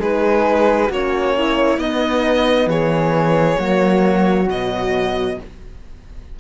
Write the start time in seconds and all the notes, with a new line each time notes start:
0.00 G#3 D#4 G#4 B4
0.88 A#3 C#4 F#4 C#5
1.38 E4
1.78 B3 D#4 D#5
2.67 E3 G#4 C#5
3.57 F#3 A#3 F#4
4.49 B2 F#3 D#5